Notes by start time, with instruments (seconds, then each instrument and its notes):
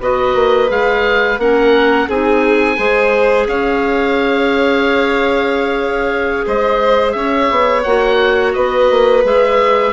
0.00 bassoon B3, clarinet F#4, violin B4, oboe D#5
0.34 bassoon A#3
0.68 bassoon G#3, clarinet G#4, oboe F5
1.38 bassoon A#3, clarinet C#4, violin A#4, oboe F#5
2.08 bassoon C4, clarinet D#4, violin G#4, oboe G#5
2.77 bassoon G#3, clarinet G#4, violin C5
3.47 bassoon C#4, violin C#5, oboe F5
6.46 bassoon G#3, violin C5, oboe D#5
7.12 bassoon C#4, violin C#5, oboe E5
7.50 bassoon B3
7.83 bassoon A#3, clarinet F#4, oboe F#5
8.53 bassoon B3, violin B4, oboe D#5
8.91 bassoon A#3
9.24 bassoon G#3, clarinet G#4, oboe E5